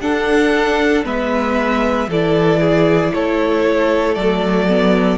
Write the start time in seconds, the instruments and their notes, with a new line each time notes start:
0.00 cello D4, viola D4, violin A4 F#5
1.04 cello G#3, viola B3, violin B4 E5
2.07 cello E3, viola E4, violin A4 D5
2.60 violin G#4
3.14 cello A3, violin A4 C#5
4.14 cello F#3, viola A3, violin D5
4.68 viola B3